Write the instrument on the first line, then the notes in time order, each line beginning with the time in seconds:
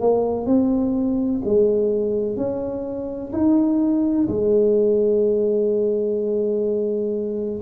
tuba
0.00 A#3
0.46 C4
1.45 G#3
2.37 C#4
3.33 D#4
4.29 G#3